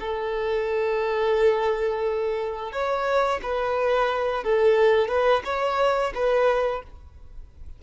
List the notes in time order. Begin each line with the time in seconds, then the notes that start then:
0.00 A4
2.72 C#5
3.43 B4
4.44 A4
5.09 B4
5.45 C#5
6.15 B4